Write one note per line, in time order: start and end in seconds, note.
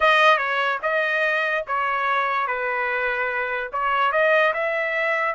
0.00 0.37 D#5
0.37 0.78 C#5
0.82 1.64 D#5
1.67 2.47 C#5
2.47 3.70 B4
3.72 4.12 C#5
4.12 4.53 D#5
4.53 5.34 E5